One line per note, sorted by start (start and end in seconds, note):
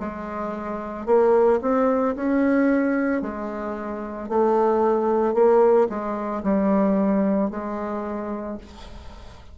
0.00 1.06 G#3
1.06 1.60 A#3
1.62 2.15 C4
2.16 3.22 C#4
3.22 4.29 G#3
4.29 5.34 A3
5.34 5.88 A#3
5.89 6.43 G#3
6.43 7.50 G3
7.50 8.58 G#3